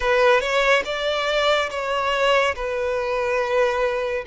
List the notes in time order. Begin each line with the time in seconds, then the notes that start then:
0.00 B4
0.40 C#5
0.85 D5
1.70 C#5
2.55 B4